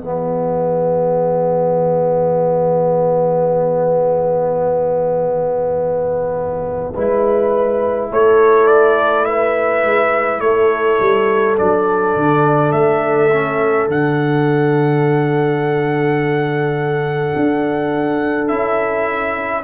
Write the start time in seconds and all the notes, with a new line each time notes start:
0.00 E3 B3 G#4 E5
6.94 G#3 E4 B4
8.11 A3 A4 C#5
8.67 D5
9.25 B4 E5
9.84 G#3
10.40 A3 A4 C#5
11.00 G3
11.57 F#3 D4 D5
12.15 D3
12.72 A3 E5
13.32 C#4
13.88 D3 D4 F#5
17.36 D4
18.48 C#4 E4 E5